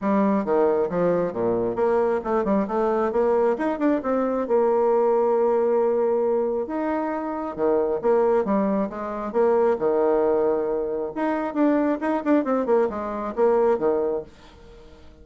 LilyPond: \new Staff \with { instrumentName = "bassoon" } { \time 4/4 \tempo 4 = 135 g4 dis4 f4 ais,4 | ais4 a8 g8 a4 ais4 | dis'8 d'8 c'4 ais2~ | ais2. dis'4~ |
dis'4 dis4 ais4 g4 | gis4 ais4 dis2~ | dis4 dis'4 d'4 dis'8 d'8 | c'8 ais8 gis4 ais4 dis4 | }